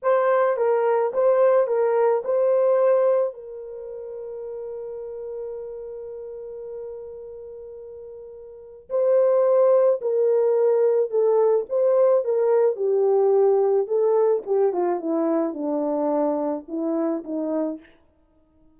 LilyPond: \new Staff \with { instrumentName = "horn" } { \time 4/4 \tempo 4 = 108 c''4 ais'4 c''4 ais'4 | c''2 ais'2~ | ais'1~ | ais'1 |
c''2 ais'2 | a'4 c''4 ais'4 g'4~ | g'4 a'4 g'8 f'8 e'4 | d'2 e'4 dis'4 | }